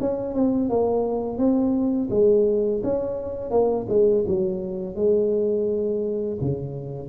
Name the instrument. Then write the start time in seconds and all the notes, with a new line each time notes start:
tuba
0.00 C#4
0.34 C4
0.69 A#3
1.37 C4
2.10 G#3
2.83 C#4
3.50 A#3
3.88 G#3
4.27 F#3
4.95 G#3
6.41 C#3